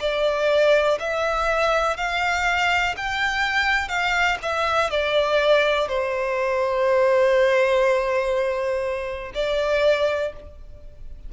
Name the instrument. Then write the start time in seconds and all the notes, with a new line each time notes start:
violin
0.00 D5
1.00 E5
1.97 F5
2.97 G5
3.88 F5
4.42 E5
4.90 D5
5.88 C5
9.34 D5